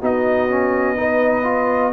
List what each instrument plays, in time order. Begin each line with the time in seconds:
0.00 tuba B3, trombone D#4, horn F#4, trumpet D#5
0.50 trombone C#4
0.96 trombone D#4, horn B4
1.44 trombone F4